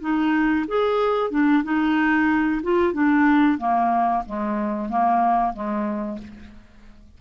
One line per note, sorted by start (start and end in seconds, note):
0.00 0.65 D#4
0.67 1.30 G#4
1.30 1.63 D4
1.63 2.61 D#4
2.62 2.93 F4
2.93 3.58 D4
3.58 4.23 A#3
4.26 4.89 G#3
4.89 5.53 A#3
5.53 6.18 G#3